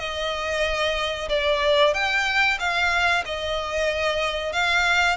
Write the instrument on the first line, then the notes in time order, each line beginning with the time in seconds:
violin
0.00 D#5
1.30 D5
1.94 G5
2.60 F5
3.26 D#5
4.53 F5